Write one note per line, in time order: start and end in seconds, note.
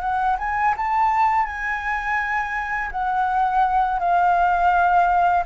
0.00 0.36 F#5
0.38 0.75 G#5
0.77 1.46 A5
1.46 2.90 G#5
2.91 3.99 F#5
3.99 5.44 F5